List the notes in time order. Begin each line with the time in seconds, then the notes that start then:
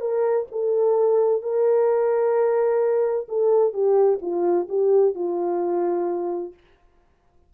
0.00 A#4
0.51 A4
1.42 A#4
3.28 A4
3.73 G4
4.21 F4
4.68 G4
5.15 F4